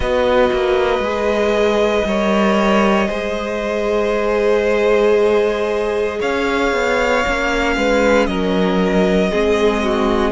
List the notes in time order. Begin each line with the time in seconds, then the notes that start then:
0.00 B3 F#4 B4 D#5
0.53 A#3
0.99 G#3 G#4
2.04 G3 A#4 C#5
3.06 G#3 G#4 C5
6.20 C#4 C#5 F5
6.72 B3
7.25 A#3 C#4
7.76 G#3 B4
8.25 F#3 A#4 D#5
9.31 G#3 C4 G#4
9.83 F#4